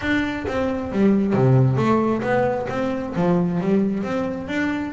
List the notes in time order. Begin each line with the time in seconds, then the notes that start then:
0.01 D4
0.47 C4
0.92 G3
1.33 C3
1.76 A3
2.22 B3
2.69 C4
3.15 F3
3.60 G3
4.03 C4
4.48 D4